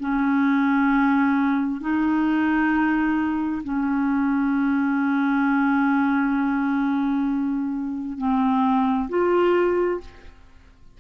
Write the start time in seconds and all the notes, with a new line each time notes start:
0.00 C#4
1.81 D#4
3.64 C#4
8.18 C4
9.10 F4